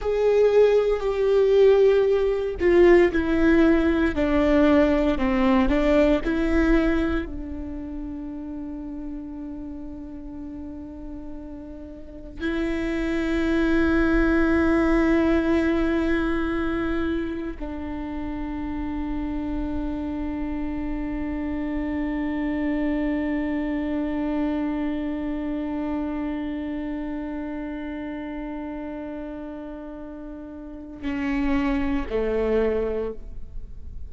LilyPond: \new Staff \with { instrumentName = "viola" } { \time 4/4 \tempo 4 = 58 gis'4 g'4. f'8 e'4 | d'4 c'8 d'8 e'4 d'4~ | d'1 | e'1~ |
e'4 d'2.~ | d'1~ | d'1~ | d'2 cis'4 a4 | }